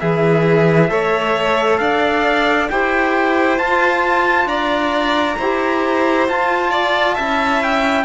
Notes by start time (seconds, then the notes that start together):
0.00 E3 E4 G#4 E5
0.90 A3 A4 C#5
1.78 D4 D5 F5
2.70 E4 G4 C5 G5
3.58 F4 A5
4.46 D4 D5 A#5
5.37 E4 G4 C5
6.29 F4 A5
6.71 D5
7.14 C#4 E4 E5
7.63 G5